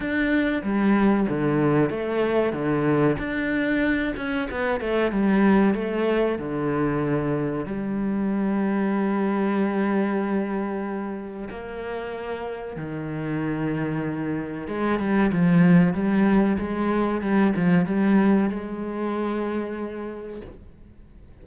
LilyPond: \new Staff \with { instrumentName = "cello" } { \time 4/4 \tempo 4 = 94 d'4 g4 d4 a4 | d4 d'4. cis'8 b8 a8 | g4 a4 d2 | g1~ |
g2 ais2 | dis2. gis8 g8 | f4 g4 gis4 g8 f8 | g4 gis2. | }